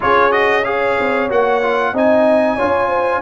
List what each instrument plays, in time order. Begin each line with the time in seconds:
0.00 tuba C#4, trombone F4, horn G#4, trumpet C#5
0.30 trombone F#4, trumpet D#5
0.64 trombone G#4, horn C#5, trumpet F5
0.99 tuba C4
1.29 tuba A#3, trombone F#4, trumpet F#5
1.62 trombone F4
1.93 tuba C4, trombone D#4, horn D#5, trumpet G#5
2.56 tuba C#4, trombone F4, horn C#5
2.87 horn C5